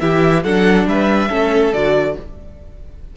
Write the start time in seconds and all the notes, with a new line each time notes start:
0.00 E3 E4 G4 E5
0.43 F#3 D4 A4 F#5
0.86 G3 B4 E5
1.29 A3 C#4 A4
1.73 D3 F#4 D5